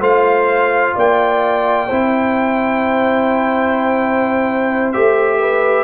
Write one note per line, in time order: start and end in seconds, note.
0.00 0.94 A3
0.00 1.88 F4
0.00 0.94 C5
0.00 0.96 F5
0.95 1.90 A#3
0.95 1.86 D5
0.95 4.92 G5
1.86 4.95 C4
1.86 4.93 E4
1.86 5.38 C5
4.92 5.84 A3
4.92 5.84 G4
4.92 5.84 E5
5.39 5.84 B4